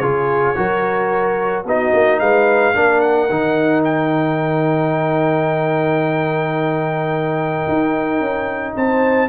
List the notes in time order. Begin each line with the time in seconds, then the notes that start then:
0.00 C#3 F4 G#4 C#5
0.56 F#3 F#4 A#4
1.65 B3 D#4 F#4 D#5
1.94 A#3
2.20 G#3 B4 F5
2.75 A#3 D4 A#4
3.01 F#5
3.30 D#3 D#4
3.84 G5
7.68 D#4
8.20 C#4
8.77 C4 C5 A5